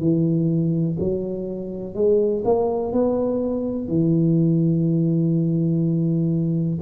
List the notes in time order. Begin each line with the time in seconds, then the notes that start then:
0.00 E3
0.99 F#3
1.94 G#3
2.44 A#3
2.92 B3
3.88 E3